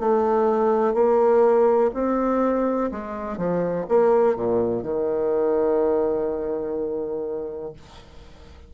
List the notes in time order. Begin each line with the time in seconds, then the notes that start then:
0.00 A3
0.94 A#3
1.94 C4
2.91 G#3
3.37 F3
3.89 A#3
4.35 A#2
4.83 D#3